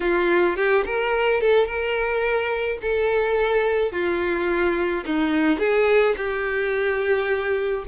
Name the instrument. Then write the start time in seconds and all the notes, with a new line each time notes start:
violin
0.00 F4
0.56 G4
0.85 A#4
1.40 A4
1.66 A#4
2.81 A4
3.92 F4
5.05 D#4
5.59 G#4
6.16 G4